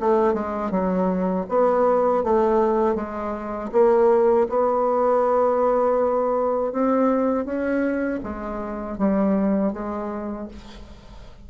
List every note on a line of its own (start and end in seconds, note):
0.00 0.34 A3
0.34 0.71 G#3
0.71 1.46 F#3
1.49 2.24 B3
2.24 2.96 A3
2.96 3.71 G#3
3.72 4.47 A#3
4.50 6.73 B3
6.73 7.45 C4
7.45 8.20 C#4
8.24 8.98 G#3
8.98 9.73 G3
9.73 10.48 G#3